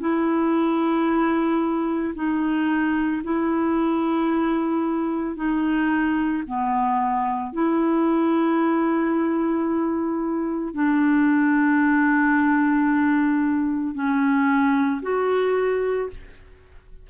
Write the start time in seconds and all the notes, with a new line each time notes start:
0.00 E4
2.15 D#4
3.24 E4
5.36 D#4
6.47 B3
7.53 E4
10.74 D4
13.94 C#4
15.02 F#4